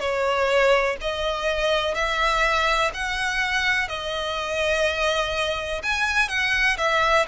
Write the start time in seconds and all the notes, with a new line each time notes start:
0.00 C#5
1.01 D#5
1.95 E5
2.94 F#5
3.89 D#5
5.84 G#5
6.29 F#5
6.78 E5